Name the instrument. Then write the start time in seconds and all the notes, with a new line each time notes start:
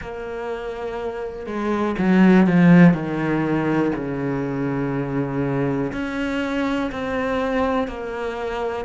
cello
0.01 A#3
1.46 G#3
1.98 F#3
2.46 F3
2.93 D#3
3.95 C#3
5.92 C#4
6.91 C4
7.87 A#3